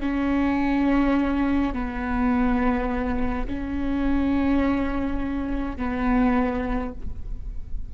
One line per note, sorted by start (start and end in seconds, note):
0.00 1.73 C#4
1.73 3.46 B3
3.46 5.76 C#4
5.76 6.92 B3